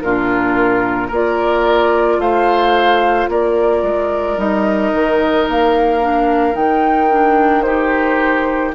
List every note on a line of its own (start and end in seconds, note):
0.00 1.10 A#2
0.00 1.11 D4
0.00 1.07 F4
0.00 1.09 A#4
1.07 2.18 A#3
1.07 4.38 F4
1.07 2.17 A#4
1.14 2.20 D5
2.18 3.27 A3
2.18 3.30 C5
2.18 3.29 F5
3.28 3.82 A#3
3.28 7.65 A#4
3.28 4.39 D5
3.82 4.37 G#3
4.37 4.92 G3
4.37 6.01 D#4
4.37 5.48 D#5
4.92 5.47 D#3
5.48 6.55 A#3
5.48 6.55 F5
6.01 6.52 D4
6.52 8.73 D#3
6.52 7.07 D#4
6.52 7.62 G5
7.10 7.65 D4
7.62 8.74 D#4
7.62 8.75 G4
7.62 8.71 C5